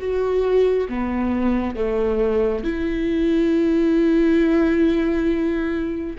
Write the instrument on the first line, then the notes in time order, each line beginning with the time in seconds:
viola
0.00 F#4
0.89 B3
1.76 A3
2.64 E4